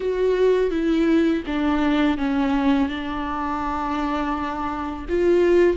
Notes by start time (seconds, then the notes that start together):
0.00 F#4
0.70 E4
1.46 D4
2.17 C#4
2.88 D4
5.08 F4